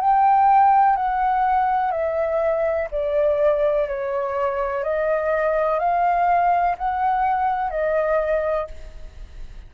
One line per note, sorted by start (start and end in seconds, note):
0.00 0.96 G5
0.96 1.91 F#5
1.91 2.88 E5
2.91 3.88 D5
3.88 4.83 C#5
4.83 5.79 D#5
5.79 6.76 F5
6.78 7.70 F#5
7.70 8.67 D#5